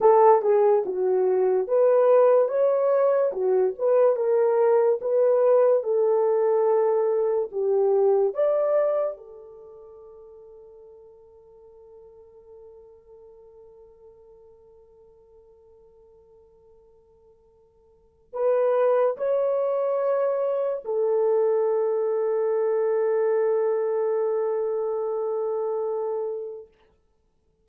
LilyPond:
\new Staff \with { instrumentName = "horn" } { \time 4/4 \tempo 4 = 72 a'8 gis'8 fis'4 b'4 cis''4 | fis'8 b'8 ais'4 b'4 a'4~ | a'4 g'4 d''4 a'4~ | a'1~ |
a'1~ | a'2 b'4 cis''4~ | cis''4 a'2.~ | a'1 | }